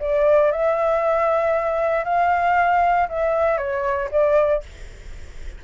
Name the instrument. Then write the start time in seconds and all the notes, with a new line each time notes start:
flute
0.00 D5
0.52 E5
2.05 F5
3.09 E5
3.58 C#5
4.11 D5